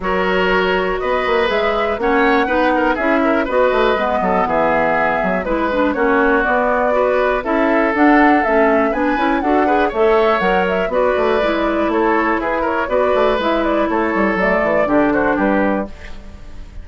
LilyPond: <<
  \new Staff \with { instrumentName = "flute" } { \time 4/4 \tempo 4 = 121 cis''2 dis''4 e''4 | fis''2 e''4 dis''4~ | dis''4 e''2 b'4 | cis''4 d''2 e''4 |
fis''4 e''4 gis''4 fis''4 | e''4 fis''8 e''8 d''2 | cis''4 b'8 cis''8 d''4 e''8 d''8 | cis''4 d''4. c''8 b'4 | }
  \new Staff \with { instrumentName = "oboe" } { \time 4/4 ais'2 b'2 | cis''4 b'8 ais'8 gis'8 ais'8 b'4~ | b'8 a'8 gis'2 b'4 | fis'2 b'4 a'4~ |
a'2 b'4 a'8 b'8 | cis''2 b'2 | a'4 gis'8 ais'8 b'2 | a'2 g'8 fis'8 g'4 | }
  \new Staff \with { instrumentName = "clarinet" } { \time 4/4 fis'2. gis'4 | cis'4 dis'4 e'4 fis'4 | b2. e'8 d'8 | cis'4 b4 fis'4 e'4 |
d'4 cis'4 d'8 e'8 fis'8 gis'8 | a'4 ais'4 fis'4 e'4~ | e'2 fis'4 e'4~ | e'4 a4 d'2 | }
  \new Staff \with { instrumentName = "bassoon" } { \time 4/4 fis2 b8 ais8 gis4 | ais4 b4 cis'4 b8 a8 | gis8 fis8 e4. fis8 gis4 | ais4 b2 cis'4 |
d'4 a4 b8 cis'8 d'4 | a4 fis4 b8 a8 gis4 | a4 e'4 b8 a8 gis4 | a8 g8 fis8 e8 d4 g4 | }
>>